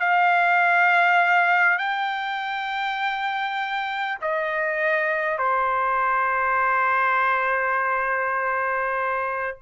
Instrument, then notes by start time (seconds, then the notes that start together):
trumpet
0.00 F5
1.78 G5
4.22 D#5
5.38 C5